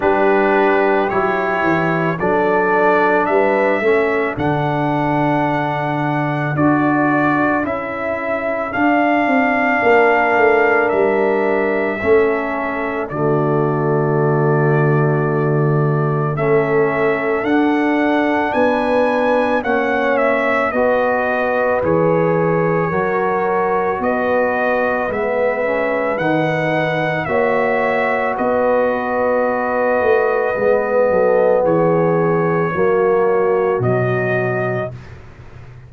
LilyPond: <<
  \new Staff \with { instrumentName = "trumpet" } { \time 4/4 \tempo 4 = 55 b'4 cis''4 d''4 e''4 | fis''2 d''4 e''4 | f''2 e''2 | d''2. e''4 |
fis''4 gis''4 fis''8 e''8 dis''4 | cis''2 dis''4 e''4 | fis''4 e''4 dis''2~ | dis''4 cis''2 dis''4 | }
  \new Staff \with { instrumentName = "horn" } { \time 4/4 g'2 a'4 b'8 a'8~ | a'1~ | a'4 ais'2 a'4 | fis'2. a'4~ |
a'4 b'4 cis''4 b'4~ | b'4 ais'4 b'2~ | b'4 cis''4 b'2~ | b'8 a'8 gis'4 fis'2 | }
  \new Staff \with { instrumentName = "trombone" } { \time 4/4 d'4 e'4 d'4. cis'8 | d'2 fis'4 e'4 | d'2. cis'4 | a2. cis'4 |
d'2 cis'4 fis'4 | gis'4 fis'2 b8 cis'8 | dis'4 fis'2. | b2 ais4 fis4 | }
  \new Staff \with { instrumentName = "tuba" } { \time 4/4 g4 fis8 e8 fis4 g8 a8 | d2 d'4 cis'4 | d'8 c'8 ais8 a8 g4 a4 | d2. a4 |
d'4 b4 ais4 b4 | e4 fis4 b4 gis4 | dis4 ais4 b4. a8 | gis8 fis8 e4 fis4 b,4 | }
>>